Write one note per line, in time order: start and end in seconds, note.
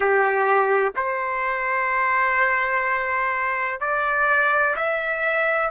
0.00 0.93 G4
0.96 3.80 C5
3.80 4.75 D5
4.76 5.70 E5